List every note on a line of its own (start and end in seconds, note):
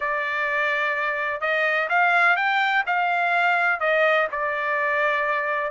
0.00 1.40 D5
1.40 1.88 D#5
1.89 2.36 F5
2.36 2.84 G5
2.86 3.80 F5
3.80 4.27 D#5
4.31 5.71 D5